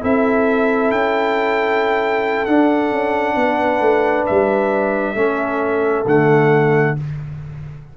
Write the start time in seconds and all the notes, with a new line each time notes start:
0.00 C4 E4 A4 E5
0.91 C#4 G5
2.45 D4 F#5
2.91 C#4
3.35 B3 B4
3.80 A3
4.26 G3 E5
5.14 A3 C#4 A4
6.05 D3 A3 F#5